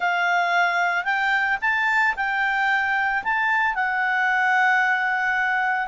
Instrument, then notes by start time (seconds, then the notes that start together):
clarinet
0.00 F5
1.04 G5
1.61 A5
2.16 G5
3.23 A5
3.75 F#5